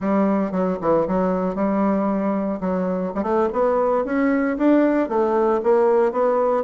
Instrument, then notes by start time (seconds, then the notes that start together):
bassoon
0.00 G3
0.51 F#3
0.81 E3
1.07 F#3
1.55 G3
2.60 F#3
3.14 G3
3.22 A3
3.52 B3
4.05 C#4
4.57 D4
5.08 A3
5.63 A#3
6.12 B3